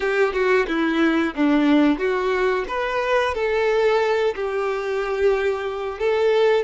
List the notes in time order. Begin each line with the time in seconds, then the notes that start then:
0.00 G4
0.33 F#4
0.67 E4
1.35 D4
1.98 F#4
2.68 B4
3.34 A4
4.35 G4
5.98 A4